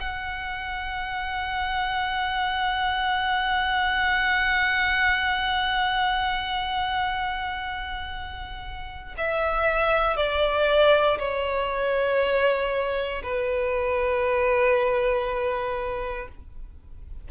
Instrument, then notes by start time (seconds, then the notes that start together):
violin
0.00 F#5
9.18 E5
10.17 D5
11.19 C#5
13.23 B4